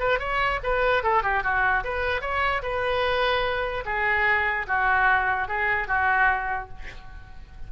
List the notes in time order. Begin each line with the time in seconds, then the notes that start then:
0.00 B4
0.20 C#5
0.64 B4
1.04 A4
1.23 G4
1.44 F#4
1.84 B4
2.22 C#5
2.63 B4
3.86 G#4
4.68 F#4
5.49 G#4
5.88 F#4